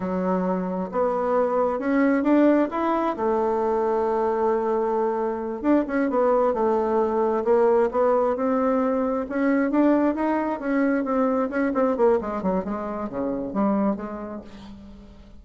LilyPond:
\new Staff \with { instrumentName = "bassoon" } { \time 4/4 \tempo 4 = 133 fis2 b2 | cis'4 d'4 e'4 a4~ | a1~ | a8 d'8 cis'8 b4 a4.~ |
a8 ais4 b4 c'4.~ | c'8 cis'4 d'4 dis'4 cis'8~ | cis'8 c'4 cis'8 c'8 ais8 gis8 fis8 | gis4 cis4 g4 gis4 | }